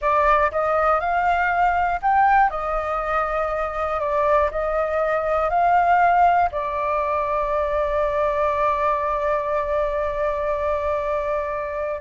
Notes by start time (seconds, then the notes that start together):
0.01 D5
0.51 D#5
1.00 F5
2.02 G5
2.50 D#5
4.00 D5
4.51 D#5
5.49 F5
6.51 D5